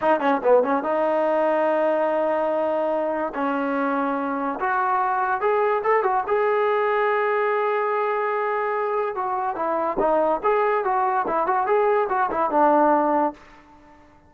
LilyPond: \new Staff \with { instrumentName = "trombone" } { \time 4/4 \tempo 4 = 144 dis'8 cis'8 b8 cis'8 dis'2~ | dis'1 | cis'2. fis'4~ | fis'4 gis'4 a'8 fis'8 gis'4~ |
gis'1~ | gis'2 fis'4 e'4 | dis'4 gis'4 fis'4 e'8 fis'8 | gis'4 fis'8 e'8 d'2 | }